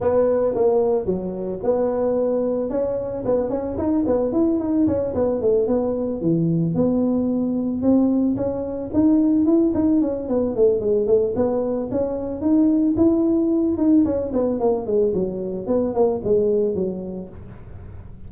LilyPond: \new Staff \with { instrumentName = "tuba" } { \time 4/4 \tempo 4 = 111 b4 ais4 fis4 b4~ | b4 cis'4 b8 cis'8 dis'8 b8 | e'8 dis'8 cis'8 b8 a8 b4 e8~ | e8 b2 c'4 cis'8~ |
cis'8 dis'4 e'8 dis'8 cis'8 b8 a8 | gis8 a8 b4 cis'4 dis'4 | e'4. dis'8 cis'8 b8 ais8 gis8 | fis4 b8 ais8 gis4 fis4 | }